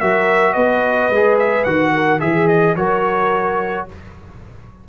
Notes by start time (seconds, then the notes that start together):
0.00 F#3 F#4 A#4 E5
0.53 B3 B4 D#5
1.09 G#3 G#4
1.39 E5
1.64 D#3 F#4 F#5
1.94 A#4
2.20 E3 G#4 E5
2.48 D#5
2.76 F#3 F#4 A#4 C#5